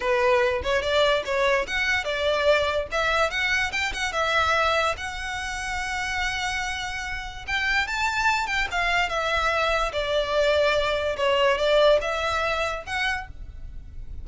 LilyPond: \new Staff \with { instrumentName = "violin" } { \time 4/4 \tempo 4 = 145 b'4. cis''8 d''4 cis''4 | fis''4 d''2 e''4 | fis''4 g''8 fis''8 e''2 | fis''1~ |
fis''2 g''4 a''4~ | a''8 g''8 f''4 e''2 | d''2. cis''4 | d''4 e''2 fis''4 | }